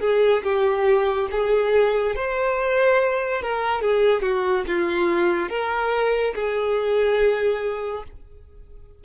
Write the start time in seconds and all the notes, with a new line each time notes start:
0.00 G#4
0.43 G4
1.31 G#4
2.15 C5
3.42 A#4
3.81 G#4
4.22 F#4
4.67 F4
5.49 A#4
6.35 G#4